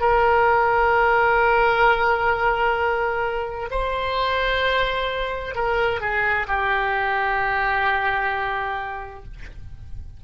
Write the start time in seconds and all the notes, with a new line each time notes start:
0.00 A#4
3.70 C5
5.55 A#4
6.00 G#4
6.47 G4